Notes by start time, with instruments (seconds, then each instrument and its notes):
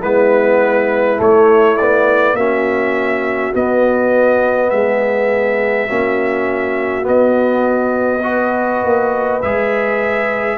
0.00 tuba G#3, trombone B3, horn E4, trumpet B4
1.17 trombone A3, tuba A3, trumpet C#5
1.77 trombone B3, trumpet D5
2.33 tuba A#3, trombone C#4, horn F#4, trumpet E5
3.53 trombone B3, tuba B3, trumpet D#5
4.70 tuba G#3, horn G#4, trumpet E5
5.87 tuba A#3, trombone C#4, horn F#4
7.02 trombone B3, tuba B3, trumpet D#5
8.23 trombone F#4, horn B4
8.83 tuba A#3
9.41 tuba G#3, trombone G#4, trumpet E5